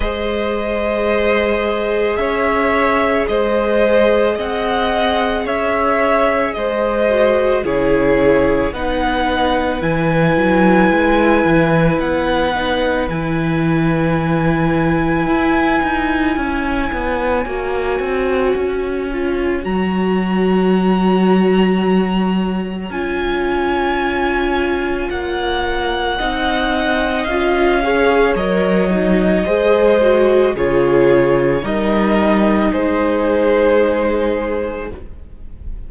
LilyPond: <<
  \new Staff \with { instrumentName = "violin" } { \time 4/4 \tempo 4 = 55 dis''2 e''4 dis''4 | fis''4 e''4 dis''4 cis''4 | fis''4 gis''2 fis''4 | gis''1~ |
gis''2 ais''2~ | ais''4 gis''2 fis''4~ | fis''4 f''4 dis''2 | cis''4 dis''4 c''2 | }
  \new Staff \with { instrumentName = "violin" } { \time 4/4 c''2 cis''4 c''4 | dis''4 cis''4 c''4 gis'4 | b'1~ | b'2. cis''4~ |
cis''1~ | cis''1 | dis''4. cis''4. c''4 | gis'4 ais'4 gis'2 | }
  \new Staff \with { instrumentName = "viola" } { \time 4/4 gis'1~ | gis'2~ gis'8 fis'8 e'4 | dis'4 e'2~ e'8 dis'8 | e'1 |
fis'4. f'8 fis'2~ | fis'4 f'2. | dis'4 f'8 gis'8 ais'8 dis'8 gis'8 fis'8 | f'4 dis'2. | }
  \new Staff \with { instrumentName = "cello" } { \time 4/4 gis2 cis'4 gis4 | c'4 cis'4 gis4 cis4 | b4 e8 fis8 gis8 e8 b4 | e2 e'8 dis'8 cis'8 b8 |
ais8 c'8 cis'4 fis2~ | fis4 cis'2 ais4 | c'4 cis'4 fis4 gis4 | cis4 g4 gis2 | }
>>